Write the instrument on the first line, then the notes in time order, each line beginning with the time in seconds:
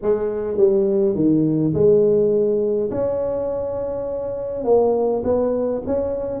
tuba
0.02 G#3
0.57 G3
1.15 D#3
1.73 G#3
2.90 C#4
4.64 A#3
5.23 B3
5.86 C#4